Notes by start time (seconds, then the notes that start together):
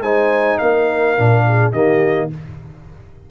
0.00 G#3 D#4 C5 G#5
0.58 A#3 A#4 F5
1.17 A#2 D4
1.47 G#4
1.72 D#3 A#3 G4 D#5